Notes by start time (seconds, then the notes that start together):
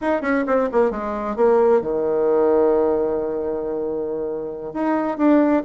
0.01 D#4
0.21 C#4
0.46 C4
0.72 A#3
0.90 G#3
1.36 A#3
1.81 D#3
4.73 D#4
5.17 D4